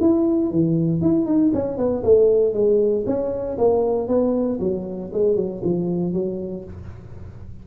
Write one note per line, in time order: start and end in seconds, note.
0.00 0.51 E4
0.51 1.01 E3
1.01 1.26 E4
1.26 1.51 D#4
1.53 1.77 C#4
1.77 2.03 B3
2.03 2.53 A3
2.53 3.04 G#3
3.06 3.58 C#4
3.58 4.08 A#3
4.08 4.59 B3
4.60 5.11 F#3
5.13 5.36 G#3
5.36 5.62 F#3
5.63 6.13 F3
6.13 6.64 F#3